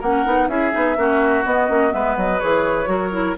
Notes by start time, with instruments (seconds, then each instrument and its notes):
0.00 bassoon A#3, clarinet C#4, oboe A#4, flute F#5
0.25 bassoon B3, clarinet D#4
0.48 bassoon C#4, clarinet E4, oboe G#4, flute E5
0.71 bassoon B3, clarinet D#4
0.97 bassoon A#3, clarinet C#4, oboe F#4
1.45 clarinet B3, bassoon B3, flute D#5
1.69 bassoon A#3, clarinet C#4
1.90 bassoon G#3, clarinet B3, oboe B4, flute E5
2.17 bassoon F#3, flute D#5
2.40 bassoon E3, clarinet G#4, flute C#5
2.86 bassoon F#3, clarinet F#4, oboe A#4
3.12 clarinet E4